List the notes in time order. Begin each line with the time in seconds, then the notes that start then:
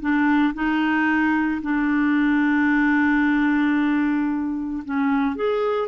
0.00 D4
0.54 D#4
1.62 D4
4.85 C#4
5.35 G#4